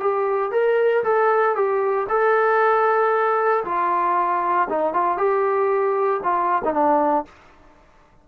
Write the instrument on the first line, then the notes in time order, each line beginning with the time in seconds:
trombone
0.00 G4
0.52 A#4
1.04 A4
1.56 G4
2.09 A4
3.65 F4
4.70 D#4
4.93 F4
5.17 G4
6.24 F4
6.65 D#4
6.73 D4